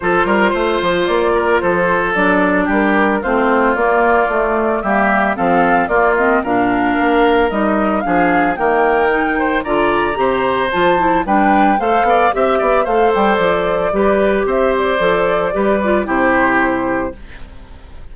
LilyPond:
<<
  \new Staff \with { instrumentName = "flute" } { \time 4/4 \tempo 4 = 112 c''2 d''4 c''4 | d''4 ais'4 c''4 d''4~ | d''4 e''4 f''4 d''8 dis''8 | f''2 dis''4 f''4 |
g''2 ais''2 | a''4 g''4 f''4 e''4 | f''8 g''8 d''2 e''8 d''8~ | d''2 c''2 | }
  \new Staff \with { instrumentName = "oboe" } { \time 4/4 a'8 ais'8 c''4. ais'8 a'4~ | a'4 g'4 f'2~ | f'4 g'4 a'4 f'4 | ais'2. gis'4 |
ais'4. c''8 d''4 c''4~ | c''4 b'4 c''8 d''8 e''8 d''8 | c''2 b'4 c''4~ | c''4 b'4 g'2 | }
  \new Staff \with { instrumentName = "clarinet" } { \time 4/4 f'1 | d'2 c'4 ais4 | a4 ais4 c'4 ais8 c'8 | d'2 dis'4 d'4 |
ais4 dis'4 f'4 g'4 | f'8 e'8 d'4 a'4 g'4 | a'2 g'2 | a'4 g'8 f'8 e'2 | }
  \new Staff \with { instrumentName = "bassoon" } { \time 4/4 f8 g8 a8 f8 ais4 f4 | fis4 g4 a4 ais4 | a4 g4 f4 ais4 | ais,4 ais4 g4 f4 |
dis2 d4 c4 | f4 g4 a8 b8 c'8 b8 | a8 g8 f4 g4 c'4 | f4 g4 c2 | }
>>